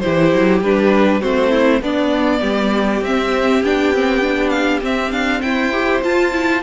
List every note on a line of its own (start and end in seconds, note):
0.00 0.64 E4
0.00 1.21 G4
0.00 0.60 C5
0.06 0.34 E3
0.34 0.61 F#3
0.61 1.21 G3
0.61 1.21 D4
0.61 1.22 B4
1.21 1.81 A3
1.21 1.81 C4
1.21 1.51 F#4
1.21 1.82 C5
1.51 1.81 E4
1.81 2.41 B3
1.81 3.04 B3
1.81 2.41 D4
1.81 3.04 D5
2.41 3.02 G3
2.41 5.41 G4
3.02 3.62 C4
3.02 3.64 C4
3.02 3.64 E5
3.62 4.83 B3
3.62 3.94 D4
3.62 4.50 G5
3.94 4.21 C4
4.21 4.81 D4
4.50 4.80 F5
4.83 5.72 C4
4.83 5.12 C4
4.83 5.12 E5
5.12 5.42 D4
5.12 5.41 F5
5.41 6.04 E4
5.41 6.63 C5
5.41 6.01 G5
5.72 6.02 G4
6.04 6.32 F4
6.04 6.63 F4
6.04 6.63 A5
6.32 6.62 E4